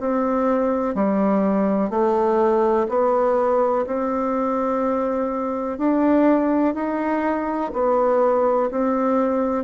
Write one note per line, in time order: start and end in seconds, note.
0.00 0.95 C4
0.95 1.90 G3
1.90 2.87 A3
2.89 3.86 B3
3.86 5.78 C4
5.78 6.74 D4
6.74 7.71 D#4
7.73 8.70 B3
8.71 9.64 C4